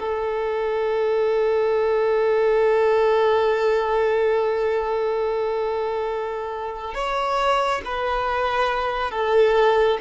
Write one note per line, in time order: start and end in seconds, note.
0.00 6.94 A4
6.94 7.81 C#5
7.85 9.11 B4
9.11 9.98 A4